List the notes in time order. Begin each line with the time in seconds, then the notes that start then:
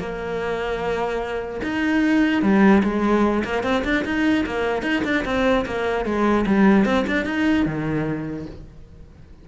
0.00 A#3
1.63 D#4
2.43 G3
2.84 G#3
3.45 A#3
3.64 C4
3.85 D4
4.05 D#4
4.46 A#3
4.82 D#4
5.05 D4
5.25 C4
5.66 A#3
6.05 G#3
6.46 G3
6.85 C4
7.07 D4
7.26 D#4
7.66 D#3